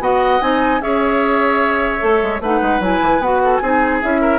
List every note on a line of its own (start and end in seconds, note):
0.00 0.40 B3
0.00 0.40 F#4
0.00 0.82 D#5
0.00 0.41 F#5
0.40 0.81 C4
0.40 0.80 D#4
0.40 0.81 G#5
0.81 2.01 C#4
0.81 1.99 G#4
0.81 2.42 C#5
0.81 2.42 E5
1.99 2.22 A3
1.99 2.39 A4
2.22 2.41 G#3
2.41 2.61 A3
2.41 2.81 D#4
2.41 3.42 B4
2.41 2.82 F#5
2.62 2.80 G#3
2.80 3.00 F#3
2.80 3.21 E4
2.80 3.22 G#5
3.02 3.19 E3
3.19 3.59 B3
3.19 3.63 F#4
3.19 3.57 F#5
3.44 3.62 A4
3.57 4.02 C4
3.57 4.02 D#4
3.57 4.21 G#4
3.57 3.97 G#5
4.02 4.39 C#4
4.02 4.39 E4
4.02 4.39 E5
4.21 4.39 A#4